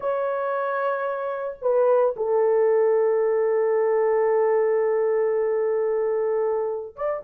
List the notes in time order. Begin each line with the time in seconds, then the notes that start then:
0.00 C#5
1.61 B4
2.16 A4
6.96 D5